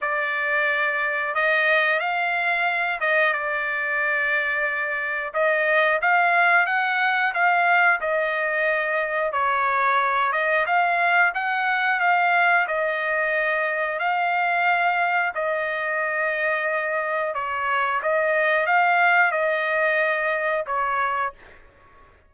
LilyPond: \new Staff \with { instrumentName = "trumpet" } { \time 4/4 \tempo 4 = 90 d''2 dis''4 f''4~ | f''8 dis''8 d''2. | dis''4 f''4 fis''4 f''4 | dis''2 cis''4. dis''8 |
f''4 fis''4 f''4 dis''4~ | dis''4 f''2 dis''4~ | dis''2 cis''4 dis''4 | f''4 dis''2 cis''4 | }